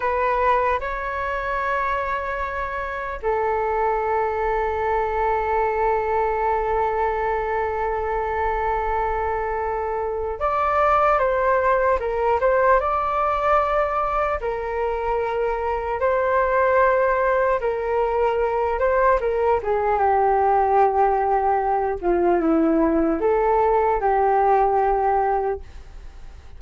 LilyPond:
\new Staff \with { instrumentName = "flute" } { \time 4/4 \tempo 4 = 75 b'4 cis''2. | a'1~ | a'1~ | a'4 d''4 c''4 ais'8 c''8 |
d''2 ais'2 | c''2 ais'4. c''8 | ais'8 gis'8 g'2~ g'8 f'8 | e'4 a'4 g'2 | }